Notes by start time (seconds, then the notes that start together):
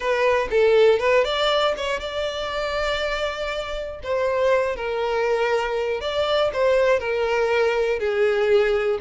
0.00 B4
0.50 A4
0.99 B4
1.24 D5
1.77 C#5
2.00 D5
4.02 C5
4.76 A#4
6.00 D5
6.53 C5
6.99 A#4
7.99 G#4